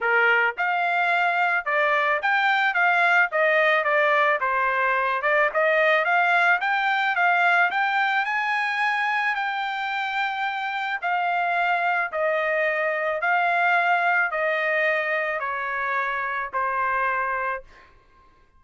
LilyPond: \new Staff \with { instrumentName = "trumpet" } { \time 4/4 \tempo 4 = 109 ais'4 f''2 d''4 | g''4 f''4 dis''4 d''4 | c''4. d''8 dis''4 f''4 | g''4 f''4 g''4 gis''4~ |
gis''4 g''2. | f''2 dis''2 | f''2 dis''2 | cis''2 c''2 | }